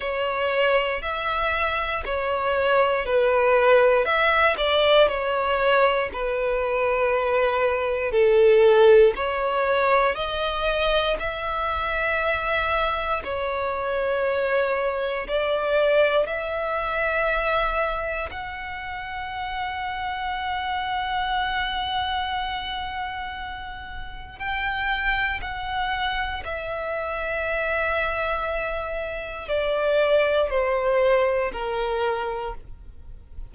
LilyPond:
\new Staff \with { instrumentName = "violin" } { \time 4/4 \tempo 4 = 59 cis''4 e''4 cis''4 b'4 | e''8 d''8 cis''4 b'2 | a'4 cis''4 dis''4 e''4~ | e''4 cis''2 d''4 |
e''2 fis''2~ | fis''1 | g''4 fis''4 e''2~ | e''4 d''4 c''4 ais'4 | }